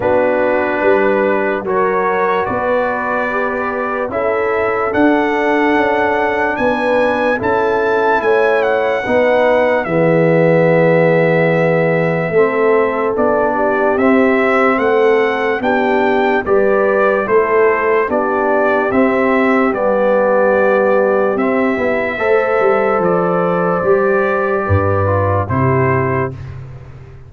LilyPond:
<<
  \new Staff \with { instrumentName = "trumpet" } { \time 4/4 \tempo 4 = 73 b'2 cis''4 d''4~ | d''4 e''4 fis''2 | gis''4 a''4 gis''8 fis''4. | e''1 |
d''4 e''4 fis''4 g''4 | d''4 c''4 d''4 e''4 | d''2 e''2 | d''2. c''4 | }
  \new Staff \with { instrumentName = "horn" } { \time 4/4 fis'4 b'4 ais'4 b'4~ | b'4 a'2. | b'4 a'4 cis''4 b'4 | gis'2. a'4~ |
a'8 g'4. a'4 g'4 | b'4 a'4 g'2~ | g'2. c''4~ | c''2 b'4 g'4 | }
  \new Staff \with { instrumentName = "trombone" } { \time 4/4 d'2 fis'2 | g'4 e'4 d'2~ | d'4 e'2 dis'4 | b2. c'4 |
d'4 c'2 d'4 | g'4 e'4 d'4 c'4 | b2 c'8 e'8 a'4~ | a'4 g'4. f'8 e'4 | }
  \new Staff \with { instrumentName = "tuba" } { \time 4/4 b4 g4 fis4 b4~ | b4 cis'4 d'4 cis'4 | b4 cis'4 a4 b4 | e2. a4 |
b4 c'4 a4 b4 | g4 a4 b4 c'4 | g2 c'8 b8 a8 g8 | f4 g4 g,4 c4 | }
>>